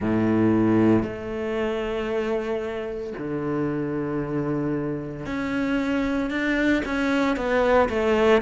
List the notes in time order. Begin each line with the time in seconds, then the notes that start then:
0.00 A2
1.02 A3
3.18 D3
5.26 C#4
6.30 D4
6.85 C#4
7.36 B3
7.89 A3